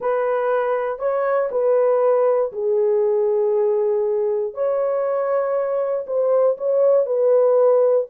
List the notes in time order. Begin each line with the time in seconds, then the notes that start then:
0.00 B4
0.98 C#5
1.51 B4
2.52 G#4
4.54 C#5
6.06 C5
6.57 C#5
7.05 B4